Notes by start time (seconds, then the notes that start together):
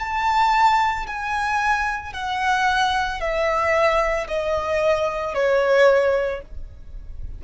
0.00 A5
1.07 G#5
2.13 F#5
3.20 E5
4.28 D#5
5.35 C#5